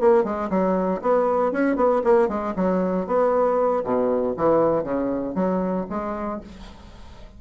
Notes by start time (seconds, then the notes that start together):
0.00 A#3
0.24 G#3
0.50 F#3
1.02 B3
1.52 C#4
1.76 B3
2.04 A#3
2.28 G#3
2.56 F#3
3.07 B3
3.84 B2
4.37 E3
4.84 C#3
5.35 F#3
5.90 G#3